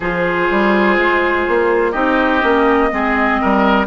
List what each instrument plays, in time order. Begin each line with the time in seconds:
0.00 bassoon F3, clarinet F4, oboe G#4, flute C5
0.50 bassoon G3
0.97 bassoon G#3
1.48 bassoon A#3
1.91 bassoon C4, clarinet D#4, oboe G4, flute D#5
2.41 bassoon A#3, clarinet C#4
2.90 bassoon G#3, clarinet C4, oboe G#4
3.41 bassoon G3, oboe A#4